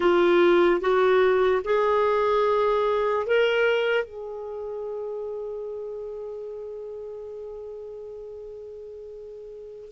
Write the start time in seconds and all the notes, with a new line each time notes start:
0.00 F4
0.80 F#4
1.64 G#4
3.26 A#4
4.04 G#4